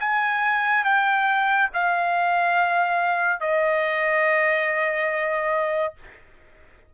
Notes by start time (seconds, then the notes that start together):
0.00 G#5
0.84 G5
1.73 F5
3.40 D#5